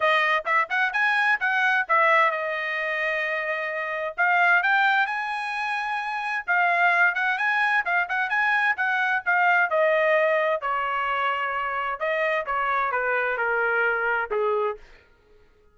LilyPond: \new Staff \with { instrumentName = "trumpet" } { \time 4/4 \tempo 4 = 130 dis''4 e''8 fis''8 gis''4 fis''4 | e''4 dis''2.~ | dis''4 f''4 g''4 gis''4~ | gis''2 f''4. fis''8 |
gis''4 f''8 fis''8 gis''4 fis''4 | f''4 dis''2 cis''4~ | cis''2 dis''4 cis''4 | b'4 ais'2 gis'4 | }